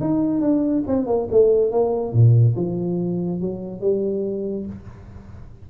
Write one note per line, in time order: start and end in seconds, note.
0.00 0.41 D#4
0.41 0.83 D4
0.87 1.06 C4
1.06 1.28 A#3
1.31 1.71 A3
1.71 2.13 A#3
2.13 2.55 A#2
2.56 3.40 F3
3.40 3.81 F#3
3.81 4.66 G3